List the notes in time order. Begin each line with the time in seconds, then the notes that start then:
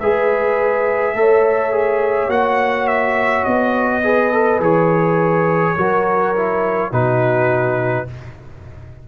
0.00 G#3 G#4 B4 E5
1.14 A3 A4 C#5
1.72 G#4
2.28 A#3 F#4 F#5
2.88 E5
3.44 B3 D#5
4.04 G#4 B4
4.33 A4
4.60 E3 G#4 C#5
5.76 F#3 F#4 A#4
6.36 E4
6.91 B2 D#4 F#4 B4